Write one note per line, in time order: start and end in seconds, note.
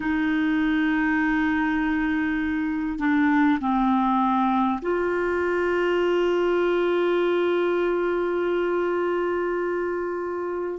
0.00 2.98 D#4
2.98 3.58 D4
3.59 4.79 C4
4.81 10.79 F4